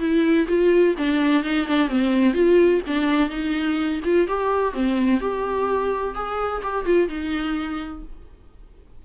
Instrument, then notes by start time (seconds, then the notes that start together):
viola
0.00 E4
0.49 F4
0.98 D4
1.44 D#4
1.68 D4
1.89 C4
2.34 F4
2.87 D4
3.30 D#4
4.05 F4
4.28 G4
4.74 C4
5.21 G4
6.15 G#4
6.63 G4
6.85 F4
7.09 D#4